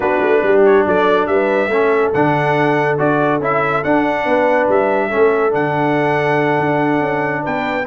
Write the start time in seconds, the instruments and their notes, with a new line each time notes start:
0.00 tuba B3, trombone D4, horn F#4, trumpet B4
0.20 tuba A3
0.42 tuba G3, horn G4
0.65 trumpet C#5
0.86 tuba F#3, horn A4, trumpet D5
1.27 tuba G3, horn B4, trumpet E5
1.67 tuba A3, trombone C#4, horn A4
2.13 tuba D3, trombone D4, trumpet F#5
2.97 tuba D4, trombone F#4, trumpet D5
3.39 tuba C#4, trombone E4, trumpet E5
3.83 tuba D4, trombone D4, trumpet F#5
4.25 tuba B3, horn B4
4.68 tuba G3, trumpet E5
5.08 trombone C#4, horn A4
5.15 tuba A3
5.50 tuba D3, trombone D4, trumpet F#5
6.59 tuba D4
7.00 tuba C#4
7.42 tuba B3, horn B4, trumpet G5